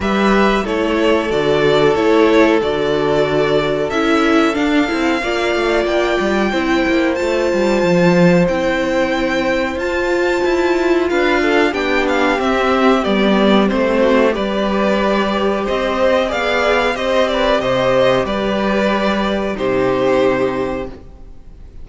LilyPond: <<
  \new Staff \with { instrumentName = "violin" } { \time 4/4 \tempo 4 = 92 e''4 cis''4 d''4 cis''4 | d''2 e''4 f''4~ | f''4 g''2 a''4~ | a''4 g''2 a''4~ |
a''4 f''4 g''8 f''8 e''4 | d''4 c''4 d''2 | dis''4 f''4 dis''8 d''8 dis''4 | d''2 c''2 | }
  \new Staff \with { instrumentName = "violin" } { \time 4/4 b'4 a'2.~ | a'1 | d''2 c''2~ | c''1~ |
c''4 b'8 a'8 g'2~ | g'4. fis'8 b'2 | c''4 d''4 c''8 b'8 c''4 | b'2 g'2 | }
  \new Staff \with { instrumentName = "viola" } { \time 4/4 g'4 e'4 fis'4 e'4 | fis'2 e'4 d'8 e'8 | f'2 e'4 f'4~ | f'4 e'2 f'4~ |
f'2 d'4 c'4 | b4 c'4 g'2~ | g'4 gis'4 g'2~ | g'2 dis'2 | }
  \new Staff \with { instrumentName = "cello" } { \time 4/4 g4 a4 d4 a4 | d2 cis'4 d'8 c'8 | ais8 a8 ais8 g8 c'8 ais8 a8 g8 | f4 c'2 f'4 |
e'4 d'4 b4 c'4 | g4 a4 g2 | c'4 b4 c'4 c4 | g2 c2 | }
>>